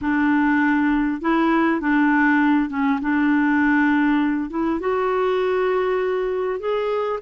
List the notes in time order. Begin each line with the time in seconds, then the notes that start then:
0.01 D4
1.21 E4
1.80 D4
2.69 C#4
3.01 D4
4.50 E4
4.80 F#4
6.59 G#4